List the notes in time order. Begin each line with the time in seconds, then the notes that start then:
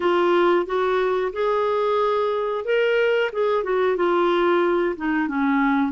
0.00 F4
0.66 F#4
1.32 G#4
2.64 A#4
3.32 G#4
3.63 F#4
3.96 F4
4.96 D#4
5.27 C#4